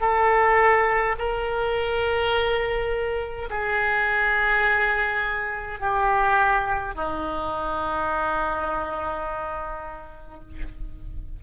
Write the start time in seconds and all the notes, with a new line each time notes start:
0.00 A4
1.19 A#4
3.50 G#4
5.79 G4
6.94 D#4